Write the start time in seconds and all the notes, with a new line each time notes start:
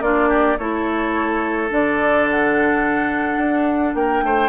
0.00 A#3 D4 F4 D5
0.29 G4
0.57 A3 E4 A4 C#5
1.69 D3 D4 D5
2.30 F#5
3.37 D4
3.94 A#3 A#4 G5
4.23 A3 C5